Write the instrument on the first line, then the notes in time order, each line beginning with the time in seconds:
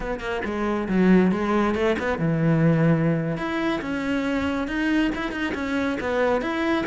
cello
0.00 B3
0.20 A#3
0.44 G#3
0.88 F#3
1.31 G#3
1.75 A3
1.98 B3
2.18 E3
3.37 E4
3.81 C#4
4.67 D#4
5.15 E4
5.31 D#4
5.54 C#4
6.00 B3
6.41 E4